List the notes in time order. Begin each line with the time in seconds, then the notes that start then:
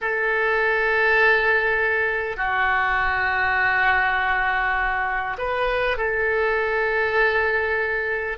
0.01 A4
2.37 F#4
5.38 B4
5.97 A4